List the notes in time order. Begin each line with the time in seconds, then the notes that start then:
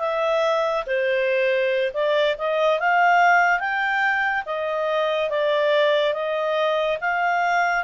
0.00 E5
0.86 C5
1.94 D5
2.38 D#5
2.80 F5
3.60 G5
4.46 D#5
5.30 D5
6.14 D#5
7.01 F5